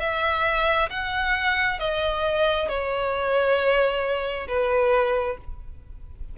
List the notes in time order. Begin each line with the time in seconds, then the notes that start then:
0.00 E5
0.90 F#5
1.80 D#5
2.69 C#5
4.48 B4